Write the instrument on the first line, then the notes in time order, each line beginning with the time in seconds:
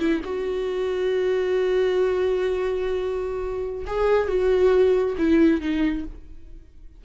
viola
0.00 E4
0.24 F#4
3.87 G#4
4.28 F#4
5.18 E4
5.61 D#4